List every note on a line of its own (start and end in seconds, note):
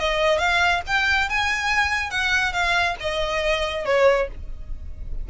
0.00 0.39 D#5
0.39 0.82 F5
0.87 1.30 G5
1.30 2.11 G#5
2.11 2.53 F#5
2.53 2.96 F5
3.00 3.85 D#5
3.85 4.28 C#5